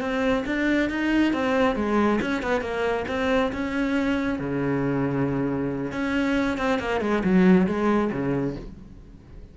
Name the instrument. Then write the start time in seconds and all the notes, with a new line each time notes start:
cello
0.00 C4
0.46 D4
0.89 D#4
1.33 C4
1.76 G#3
2.21 C#4
2.42 B3
2.61 A#3
3.08 C4
3.52 C#4
4.39 C#3
5.92 C#4
6.58 C4
6.79 A#3
7.01 G#3
7.24 F#3
7.67 G#3
8.12 C#3